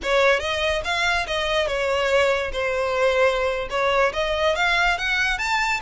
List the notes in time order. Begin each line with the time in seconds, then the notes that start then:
0.02 C#5
0.39 D#5
0.84 F5
1.27 D#5
1.67 C#5
2.52 C5
3.70 C#5
4.13 D#5
4.55 F5
4.98 F#5
5.38 A5